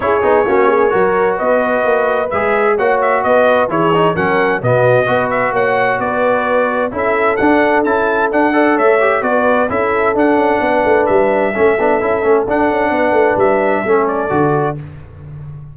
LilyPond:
<<
  \new Staff \with { instrumentName = "trumpet" } { \time 4/4 \tempo 4 = 130 cis''2. dis''4~ | dis''4 e''4 fis''8 e''8 dis''4 | cis''4 fis''4 dis''4. e''8 | fis''4 d''2 e''4 |
fis''4 a''4 fis''4 e''4 | d''4 e''4 fis''2 | e''2. fis''4~ | fis''4 e''4. d''4. | }
  \new Staff \with { instrumentName = "horn" } { \time 4/4 gis'4 fis'8 gis'8 ais'4 b'4~ | b'2 cis''4 b'4 | gis'4 ais'4 fis'4 b'4 | cis''4 b'2 a'4~ |
a'2~ a'8 d''8 cis''4 | b'4 a'2 b'4~ | b'4 a'2. | b'2 a'2 | }
  \new Staff \with { instrumentName = "trombone" } { \time 4/4 e'8 dis'8 cis'4 fis'2~ | fis'4 gis'4 fis'2 | e'8 dis'8 cis'4 b4 fis'4~ | fis'2. e'4 |
d'4 e'4 d'8 a'4 g'8 | fis'4 e'4 d'2~ | d'4 cis'8 d'8 e'8 cis'8 d'4~ | d'2 cis'4 fis'4 | }
  \new Staff \with { instrumentName = "tuba" } { \time 4/4 cis'8 b8 ais4 fis4 b4 | ais4 gis4 ais4 b4 | e4 fis4 b,4 b4 | ais4 b2 cis'4 |
d'4 cis'4 d'4 a4 | b4 cis'4 d'8 cis'8 b8 a8 | g4 a8 b8 cis'8 a8 d'8 cis'8 | b8 a8 g4 a4 d4 | }
>>